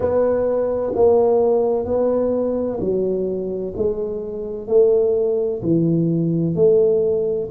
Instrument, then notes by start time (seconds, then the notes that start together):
tuba
0.00 B3
0.95 A#3
1.85 B3
2.80 F#3
3.76 G#3
4.67 A3
5.62 E3
6.55 A3